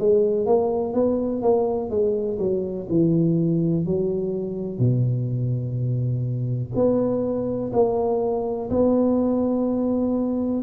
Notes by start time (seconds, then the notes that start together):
0.00 G#3
0.46 A#3
0.94 B3
1.43 A#3
1.90 G#3
2.39 F#3
2.89 E3
3.86 F#3
4.79 B2
6.75 B3
7.73 A#3
8.71 B3